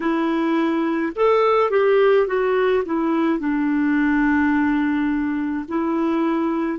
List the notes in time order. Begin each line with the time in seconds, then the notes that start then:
0.00 E4
1.15 A4
1.70 G4
2.26 F#4
2.85 E4
3.39 D4
5.68 E4